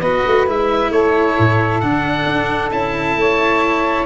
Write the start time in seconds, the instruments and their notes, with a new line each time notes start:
0.00 tuba B3, cello F#4, saxophone B4, oboe D#5
0.26 tuba A3
0.47 tuba G#3, cello E4, oboe E5
0.90 tuba A3, saxophone A4, oboe C#5
1.38 tuba A2
1.80 tuba D3, cello D4, oboe F#5
2.26 tuba D4
2.71 tuba C#4, cello E4, oboe A5
3.16 tuba A3, saxophone C#5